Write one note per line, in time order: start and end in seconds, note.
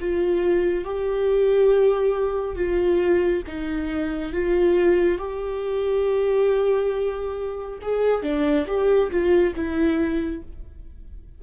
0.00 0.85 F4
0.85 2.55 G4
2.55 3.42 F4
3.47 4.32 D#4
4.32 5.18 F4
5.18 7.79 G4
7.82 8.23 G#4
8.23 8.66 D4
8.67 9.10 G4
9.11 9.54 F4
9.55 10.42 E4